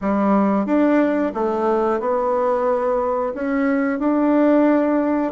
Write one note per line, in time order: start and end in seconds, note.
0.01 0.65 G3
0.65 1.32 D4
1.34 2.00 A3
2.00 3.33 B3
3.34 3.99 C#4
3.99 5.32 D4